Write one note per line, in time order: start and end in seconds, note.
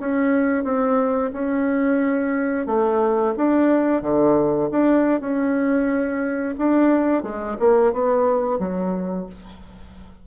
0.00 0.64 C#4
0.64 1.32 C4
1.33 2.67 C#4
2.67 3.34 A3
3.37 4.02 D4
4.02 4.70 D3
4.72 5.21 D4
5.21 6.56 C#4
6.58 7.23 D4
7.23 7.57 G#3
7.59 7.93 A#3
7.93 8.59 B3
8.59 9.27 F#3